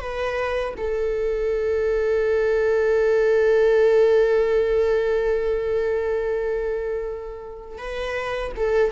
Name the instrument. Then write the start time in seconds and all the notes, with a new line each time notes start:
viola
0.00 B4
0.77 A4
7.78 B4
8.56 A4